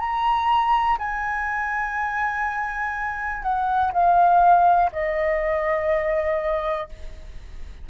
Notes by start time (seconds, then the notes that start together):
0.00 A#5
0.99 G#5
3.43 F#5
3.93 F5
4.93 D#5